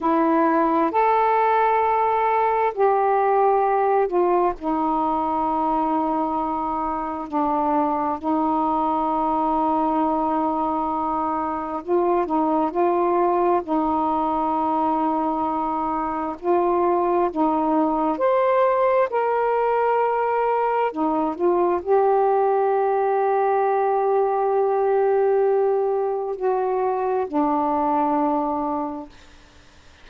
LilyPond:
\new Staff \with { instrumentName = "saxophone" } { \time 4/4 \tempo 4 = 66 e'4 a'2 g'4~ | g'8 f'8 dis'2. | d'4 dis'2.~ | dis'4 f'8 dis'8 f'4 dis'4~ |
dis'2 f'4 dis'4 | c''4 ais'2 dis'8 f'8 | g'1~ | g'4 fis'4 d'2 | }